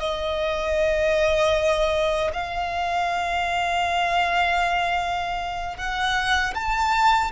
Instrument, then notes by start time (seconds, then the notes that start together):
violin
0.00 D#5
2.33 F5
5.77 F#5
6.55 A5